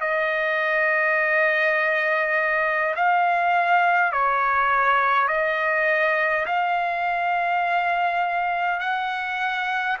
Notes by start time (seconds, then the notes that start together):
0.00 D#5
2.95 F5
4.12 C#5
5.27 D#5
6.46 F5
8.80 F#5